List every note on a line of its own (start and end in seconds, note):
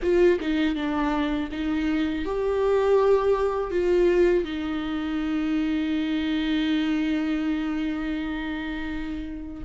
0.02 0.39 F4
0.40 0.75 D#4
0.75 1.49 D4
1.51 2.25 D#4
2.25 3.70 G4
3.70 4.44 F4
4.44 9.63 D#4